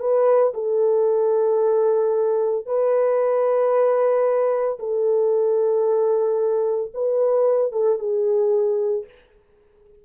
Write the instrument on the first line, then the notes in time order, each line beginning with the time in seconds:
horn
0.00 B4
0.55 A4
2.66 B4
4.80 A4
6.94 B4
7.73 A4
7.99 G#4